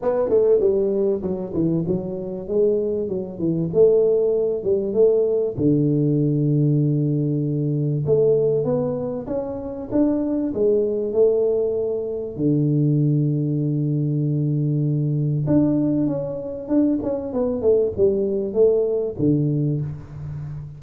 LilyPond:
\new Staff \with { instrumentName = "tuba" } { \time 4/4 \tempo 4 = 97 b8 a8 g4 fis8 e8 fis4 | gis4 fis8 e8 a4. g8 | a4 d2.~ | d4 a4 b4 cis'4 |
d'4 gis4 a2 | d1~ | d4 d'4 cis'4 d'8 cis'8 | b8 a8 g4 a4 d4 | }